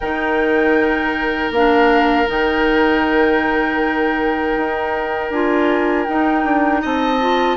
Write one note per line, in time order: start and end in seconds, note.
0.00 1.50 D#3
0.00 1.54 D#4
0.00 6.81 A#4
0.00 1.51 G5
1.50 2.26 A#3
1.50 2.26 D4
1.50 2.29 F5
2.26 4.56 D#3
2.26 5.30 D#4
2.26 5.32 G5
4.56 5.30 D#4
5.30 6.06 D4
5.30 6.06 F4
5.30 6.05 G#5
6.05 7.20 D#4
6.05 6.44 D#4
6.05 6.81 G5
6.44 6.82 D4
6.81 7.56 C4
6.81 7.56 D#5
6.81 7.56 A5
7.20 7.56 F4